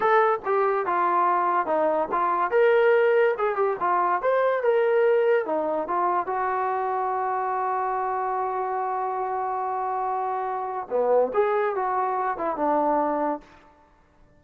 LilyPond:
\new Staff \with { instrumentName = "trombone" } { \time 4/4 \tempo 4 = 143 a'4 g'4 f'2 | dis'4 f'4 ais'2 | gis'8 g'8 f'4 c''4 ais'4~ | ais'4 dis'4 f'4 fis'4~ |
fis'1~ | fis'1~ | fis'2 b4 gis'4 | fis'4. e'8 d'2 | }